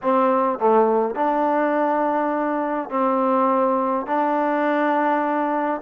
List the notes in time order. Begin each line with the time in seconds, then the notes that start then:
0.02 C4
0.58 A3
1.15 D4
2.89 C4
4.06 D4